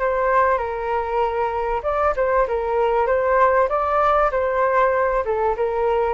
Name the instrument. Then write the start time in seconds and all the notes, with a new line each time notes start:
flute
0.00 C5
0.58 A#4
1.84 D5
2.17 C5
2.48 A#4
3.07 C5
3.69 D5
4.32 C5
5.25 A4
5.57 A#4